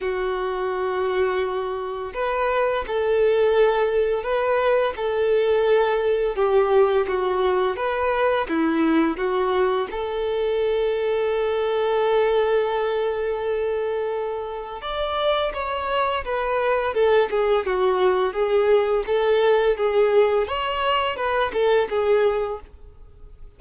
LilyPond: \new Staff \with { instrumentName = "violin" } { \time 4/4 \tempo 4 = 85 fis'2. b'4 | a'2 b'4 a'4~ | a'4 g'4 fis'4 b'4 | e'4 fis'4 a'2~ |
a'1~ | a'4 d''4 cis''4 b'4 | a'8 gis'8 fis'4 gis'4 a'4 | gis'4 cis''4 b'8 a'8 gis'4 | }